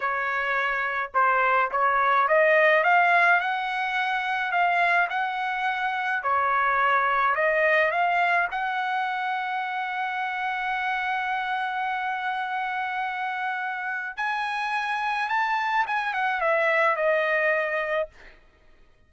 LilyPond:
\new Staff \with { instrumentName = "trumpet" } { \time 4/4 \tempo 4 = 106 cis''2 c''4 cis''4 | dis''4 f''4 fis''2 | f''4 fis''2 cis''4~ | cis''4 dis''4 f''4 fis''4~ |
fis''1~ | fis''1~ | fis''4 gis''2 a''4 | gis''8 fis''8 e''4 dis''2 | }